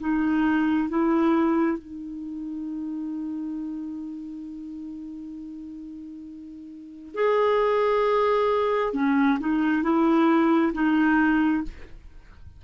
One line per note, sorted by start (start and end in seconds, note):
0.00 0.90 D#4
0.90 1.78 E4
1.78 7.15 D#4
7.15 8.93 G#4
8.93 9.38 C#4
9.40 9.83 D#4
9.83 10.73 E4
10.74 11.63 D#4